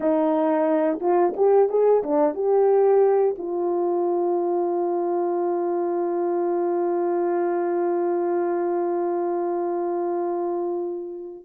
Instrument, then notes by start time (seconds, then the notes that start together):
horn
0.00 D#4
1.00 F4
1.36 G4
1.69 G#4
2.03 D4
2.34 G4
3.37 F4